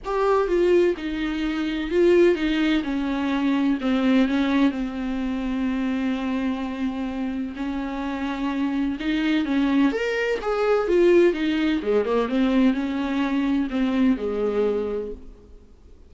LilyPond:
\new Staff \with { instrumentName = "viola" } { \time 4/4 \tempo 4 = 127 g'4 f'4 dis'2 | f'4 dis'4 cis'2 | c'4 cis'4 c'2~ | c'1 |
cis'2. dis'4 | cis'4 ais'4 gis'4 f'4 | dis'4 gis8 ais8 c'4 cis'4~ | cis'4 c'4 gis2 | }